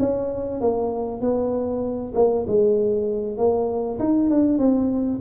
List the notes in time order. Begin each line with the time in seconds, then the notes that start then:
0.00 C#4
0.61 A#3
1.22 B3
2.15 A#3
2.48 G#3
3.38 A#3
4.00 D#4
4.31 D4
4.59 C4